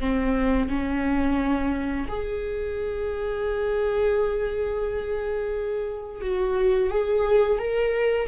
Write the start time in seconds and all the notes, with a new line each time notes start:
0.00 C4
0.69 C#4
2.08 G#4
6.21 F#4
6.90 G#4
7.59 A#4